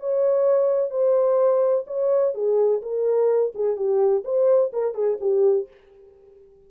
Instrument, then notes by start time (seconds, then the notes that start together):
horn
0.00 C#5
0.90 C5
1.87 C#5
2.34 G#4
2.82 A#4
3.55 G#4
3.76 G4
4.24 C5
4.73 A#4
4.94 G#4
5.20 G4